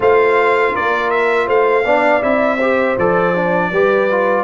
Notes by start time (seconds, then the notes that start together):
0.00 A3 F4 C5 F5
0.73 A#3 A#4 D5
1.10 E5
1.46 A3 C5 F5
1.84 B3 D4 D5
2.21 C4 E4 E5
2.57 G4 C5
2.97 F3 A4 D5
3.35 D4
3.71 G3 G4 B4
4.10 F4